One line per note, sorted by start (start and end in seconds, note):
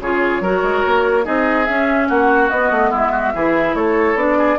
0.00 0.40 C#3
0.00 0.44 F4
0.00 0.42 G#4
0.00 1.25 C#5
0.40 0.61 F#3
0.40 1.22 F#4
0.40 1.24 A#4
0.62 0.83 G#3
0.86 1.27 A#3
1.22 1.68 C4
1.22 1.64 D#4
1.22 2.08 G#4
1.22 1.65 D#5
1.65 2.09 C#4
1.65 2.51 C#4
1.65 2.07 E5
2.08 2.50 A#3
2.08 2.90 F#4
2.08 2.50 F#5
2.50 2.71 B3
2.50 3.34 B3
2.50 2.91 D#5
2.71 2.91 A3
2.90 3.34 G#3
2.90 3.11 E4
2.90 3.75 E5
3.11 3.32 F#4
3.34 3.74 E3
3.34 4.17 E4
3.34 3.76 G#4
3.74 4.15 A3
3.74 4.38 A4
3.74 4.17 C#5
4.15 4.56 B3
4.15 4.58 D4
4.15 4.58 D5
4.38 4.58 G#4